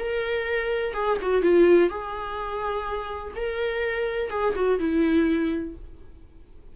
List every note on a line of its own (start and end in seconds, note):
0.00 0.94 A#4
0.94 1.18 G#4
1.22 1.43 F#4
1.43 1.90 F4
1.90 3.34 G#4
3.36 4.31 A#4
4.31 4.55 G#4
4.56 4.80 F#4
4.80 5.76 E4